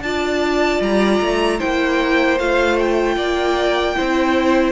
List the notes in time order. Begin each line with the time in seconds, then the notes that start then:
0.00 D4 F4 D5 A5
0.80 G3 A#5
1.21 A3
1.58 A#3 E4 C5 G5
2.39 A3 F4 F5
2.78 G5
3.16 A#3 D5
3.95 C4 E4 C5